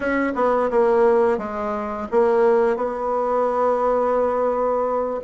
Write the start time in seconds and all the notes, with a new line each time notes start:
0.00 C#4
0.35 B3
0.70 A#3
1.38 G#3
2.11 A#3
2.76 B3